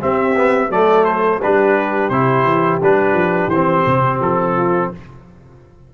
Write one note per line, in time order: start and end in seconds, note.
0.00 0.35 C4
0.00 0.69 C4
0.00 0.70 G4
0.00 0.71 E5
0.36 0.70 B3
0.69 1.39 F#3
0.69 1.40 A3
0.69 1.40 A4
0.69 1.05 D5
1.05 1.40 C5
1.40 2.09 G3
1.40 2.12 D4
1.40 4.54 G4
1.40 2.09 B4
2.09 2.44 C3
2.09 2.81 E4
2.09 2.79 C5
2.44 2.78 E3
2.82 3.12 G3
2.82 3.51 D4
2.82 3.50 B4
3.12 3.47 F3
3.48 3.83 E3
3.48 4.20 C5
3.55 4.94 C4
3.86 4.19 C3
4.19 4.89 F3
4.19 4.92 A4
4.56 4.91 F4